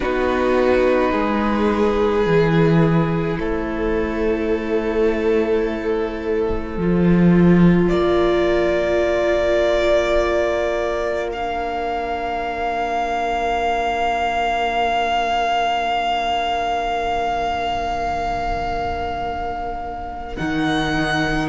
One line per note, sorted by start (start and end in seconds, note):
0.00 1.12 B3
0.00 2.24 D#4
0.00 1.11 F#4
0.00 3.39 B4
1.11 2.25 G#3
1.11 3.38 G#4
2.24 3.38 E3
2.24 6.76 E4
3.38 6.77 A3
3.38 7.91 A4
3.38 7.88 C5
6.77 7.91 F3
6.77 11.33 F4
7.88 20.36 A#3
7.88 21.48 A#4
7.88 11.28 D5
11.32 20.37 D4
11.32 20.36 F5
20.36 21.48 D#3
20.36 21.48 D#4
20.36 21.48 F#5